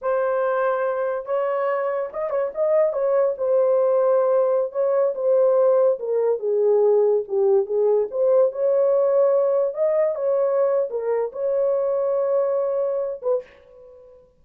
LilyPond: \new Staff \with { instrumentName = "horn" } { \time 4/4 \tempo 4 = 143 c''2. cis''4~ | cis''4 dis''8 cis''8 dis''4 cis''4 | c''2.~ c''16 cis''8.~ | cis''16 c''2 ais'4 gis'8.~ |
gis'4~ gis'16 g'4 gis'4 c''8.~ | c''16 cis''2. dis''8.~ | dis''16 cis''4.~ cis''16 ais'4 cis''4~ | cis''2.~ cis''8 b'8 | }